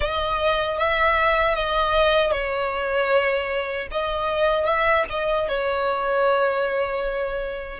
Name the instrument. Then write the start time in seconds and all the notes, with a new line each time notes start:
violin
0.00 D#5
0.78 E5
1.54 D#5
2.31 C#5
3.91 D#5
4.65 E5
5.09 D#5
5.48 C#5